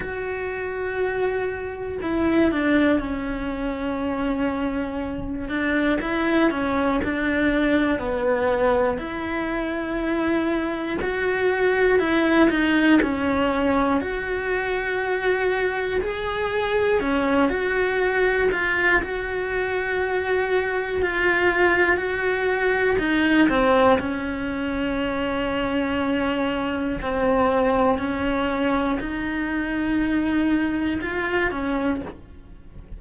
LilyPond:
\new Staff \with { instrumentName = "cello" } { \time 4/4 \tempo 4 = 60 fis'2 e'8 d'8 cis'4~ | cis'4. d'8 e'8 cis'8 d'4 | b4 e'2 fis'4 | e'8 dis'8 cis'4 fis'2 |
gis'4 cis'8 fis'4 f'8 fis'4~ | fis'4 f'4 fis'4 dis'8 c'8 | cis'2. c'4 | cis'4 dis'2 f'8 cis'8 | }